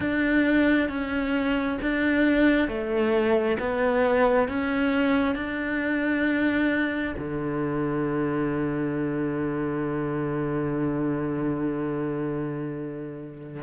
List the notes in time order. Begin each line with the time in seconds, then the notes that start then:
0.00 D4
0.88 C#4
1.82 D4
2.67 A3
3.59 B3
4.48 C#4
5.35 D4
7.18 D3